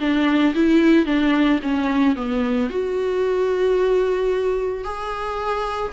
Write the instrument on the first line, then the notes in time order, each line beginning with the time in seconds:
viola
0.00 D4
0.55 E4
1.06 D4
1.62 C#4
2.16 B3
2.70 F#4
4.84 G#4